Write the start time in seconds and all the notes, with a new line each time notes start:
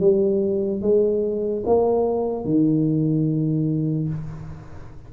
0.00 G3
0.82 G#3
1.66 A#3
2.45 D#3